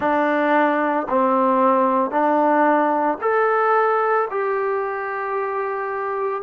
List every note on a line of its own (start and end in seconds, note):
0.00 1.07 D4
1.09 2.10 C4
2.10 3.18 D4
3.21 4.28 A4
4.30 6.42 G4